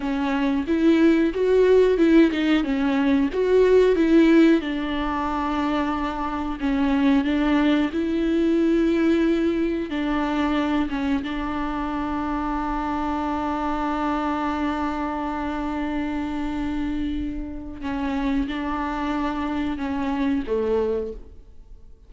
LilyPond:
\new Staff \with { instrumentName = "viola" } { \time 4/4 \tempo 4 = 91 cis'4 e'4 fis'4 e'8 dis'8 | cis'4 fis'4 e'4 d'4~ | d'2 cis'4 d'4 | e'2. d'4~ |
d'8 cis'8 d'2.~ | d'1~ | d'2. cis'4 | d'2 cis'4 a4 | }